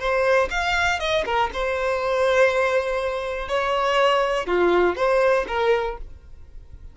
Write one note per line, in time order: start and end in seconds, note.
0.00 0.50 C5
0.51 1.00 F5
1.00 1.25 D#5
1.26 1.51 A#4
1.54 3.49 C5
3.49 4.47 C#5
4.47 4.97 F4
4.97 5.46 C5
5.48 5.98 A#4